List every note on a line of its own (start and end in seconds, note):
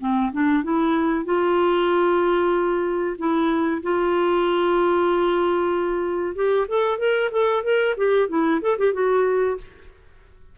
0.00 0.32 C4
0.32 0.64 D4
0.64 1.25 E4
1.25 3.17 F4
3.18 3.82 E4
3.82 6.35 F4
6.35 6.67 G4
6.68 6.98 A4
6.98 7.30 A#4
7.31 7.63 A4
7.63 7.95 A#4
7.97 8.29 G4
8.29 8.61 E4
8.61 8.77 A4
8.78 8.94 G4
8.94 9.57 F#4